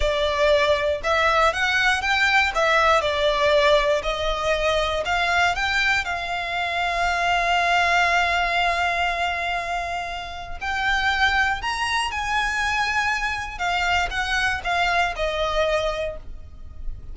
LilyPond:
\new Staff \with { instrumentName = "violin" } { \time 4/4 \tempo 4 = 119 d''2 e''4 fis''4 | g''4 e''4 d''2 | dis''2 f''4 g''4 | f''1~ |
f''1~ | f''4 g''2 ais''4 | gis''2. f''4 | fis''4 f''4 dis''2 | }